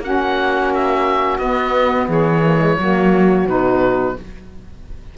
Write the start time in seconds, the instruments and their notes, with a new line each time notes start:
0.00 cello A#3, saxophone C#4 F#4, oboe F#5
0.75 oboe E5
1.39 cello B3, saxophone B3, oboe D#5
2.09 cello E3, saxophone G#4, oboe C#5
2.44 saxophone A#3
2.58 saxophone G#3
2.79 cello F#3, saxophone A#3 F#4
3.46 cello B2, saxophone D#4, oboe B4